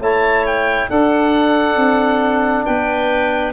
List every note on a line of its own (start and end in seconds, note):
0.00 0.88 A3
0.00 0.89 E4
0.00 0.90 C#5
0.00 0.47 A5
0.47 0.90 G5
0.89 3.53 D4
0.89 1.76 D4
0.89 2.65 A4
0.89 2.66 F#5
1.76 2.65 C4
2.65 3.53 B3
2.65 3.53 B4
2.65 3.53 G5